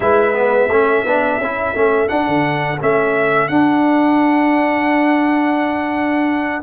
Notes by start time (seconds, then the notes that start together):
0.00 G#3 E4 B4 E5
0.34 B3
0.67 A3 C#4 A4
1.05 B3 D4
1.38 C#4 E4
1.74 A3 C#4
2.07 D4 F#5
2.27 D3
2.80 A3 C#4 E5
3.48 D4 F#5